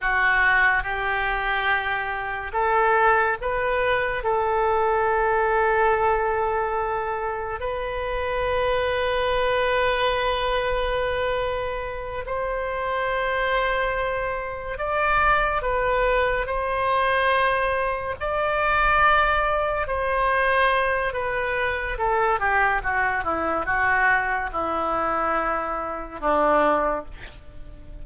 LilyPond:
\new Staff \with { instrumentName = "oboe" } { \time 4/4 \tempo 4 = 71 fis'4 g'2 a'4 | b'4 a'2.~ | a'4 b'2.~ | b'2~ b'8 c''4.~ |
c''4. d''4 b'4 c''8~ | c''4. d''2 c''8~ | c''4 b'4 a'8 g'8 fis'8 e'8 | fis'4 e'2 d'4 | }